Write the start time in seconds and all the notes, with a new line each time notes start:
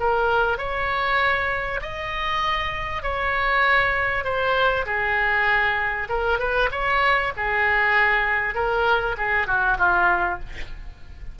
0.00 A#4
0.58 C#5
1.82 D#5
3.03 C#5
4.24 C5
4.86 G#4
6.09 A#4
6.39 B4
6.71 C#5
7.37 G#4
8.55 A#4
9.17 G#4
9.47 F#4
9.78 F4